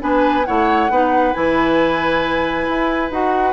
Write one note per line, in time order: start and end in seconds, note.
0.00 0.47 B3
0.00 0.44 D4
0.00 0.47 B4
0.00 0.46 G#5
0.46 0.90 A3
0.46 0.91 E4
0.46 0.92 C#5
0.46 1.34 F#5
0.90 1.34 B3
0.90 1.34 D#4
0.90 3.53 B4
1.34 2.68 E3
1.34 3.11 E4
1.34 3.10 G#5
2.69 3.11 E4
3.11 3.53 D#4
3.11 3.53 F#4
3.11 3.53 F#5